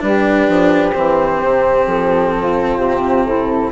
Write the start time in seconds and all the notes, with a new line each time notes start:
0.00 G3 D4 G4 B4
0.49 F3
0.93 E3 C4 C5
1.44 C3
1.87 F3 A4
2.37 F4
2.78 C3 G4
3.25 E4 A4